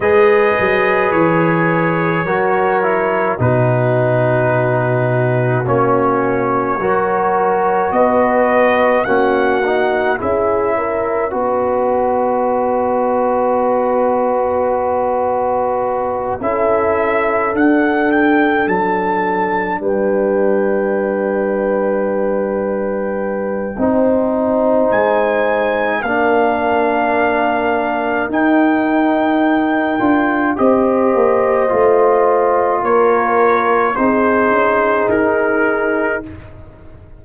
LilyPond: <<
  \new Staff \with { instrumentName = "trumpet" } { \time 4/4 \tempo 4 = 53 dis''4 cis''2 b'4~ | b'4 cis''2 dis''4 | fis''4 e''4 dis''2~ | dis''2~ dis''8 e''4 fis''8 |
g''8 a''4 g''2~ g''8~ | g''2 gis''4 f''4~ | f''4 g''2 dis''4~ | dis''4 cis''4 c''4 ais'4 | }
  \new Staff \with { instrumentName = "horn" } { \time 4/4 b'2 ais'4 fis'4~ | fis'2 ais'4 b'4 | fis'4 gis'8 ais'8 b'2~ | b'2~ b'8 a'4.~ |
a'4. b'2~ b'8~ | b'4 c''2 ais'4~ | ais'2. c''4~ | c''4 ais'4 gis'2 | }
  \new Staff \with { instrumentName = "trombone" } { \time 4/4 gis'2 fis'8 e'8 dis'4~ | dis'4 cis'4 fis'2 | cis'8 dis'8 e'4 fis'2~ | fis'2~ fis'8 e'4 d'8~ |
d'1~ | d'4 dis'2 d'4~ | d'4 dis'4. f'8 g'4 | f'2 dis'2 | }
  \new Staff \with { instrumentName = "tuba" } { \time 4/4 gis8 fis8 e4 fis4 b,4~ | b,4 ais4 fis4 b4 | ais4 cis'4 b2~ | b2~ b8 cis'4 d'8~ |
d'8 fis4 g2~ g8~ | g4 c'4 gis4 ais4~ | ais4 dis'4. d'8 c'8 ais8 | a4 ais4 c'8 cis'8 dis'4 | }
>>